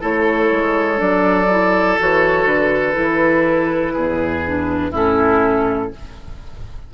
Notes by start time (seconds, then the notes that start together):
0.00 A3 E4 A4 C#5
0.51 G#3
0.95 F#3 D4 D5
1.50 E4
1.99 E3 F#4 C#5
2.44 D3 B4
2.92 E3 E4
3.93 E2 G#4
4.46 D4
4.90 A2 C#4 E4 A4